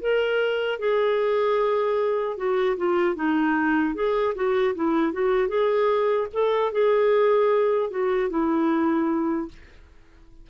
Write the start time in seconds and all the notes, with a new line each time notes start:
0.00 A#4
0.79 G#4
2.37 F#4
2.76 F4
3.15 D#4
3.94 G#4
4.35 F#4
4.74 E4
5.12 F#4
5.48 G#4
6.33 A4
6.72 G#4
7.90 F#4
8.29 E4